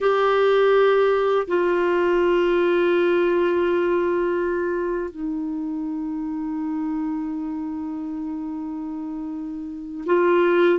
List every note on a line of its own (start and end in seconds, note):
0.00 1.47 G4
1.47 5.11 F4
5.11 10.04 D#4
10.06 10.79 F4